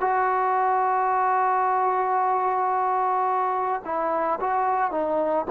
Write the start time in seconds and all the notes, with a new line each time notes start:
0.00 F#4
3.85 E4
4.40 F#4
4.91 D#4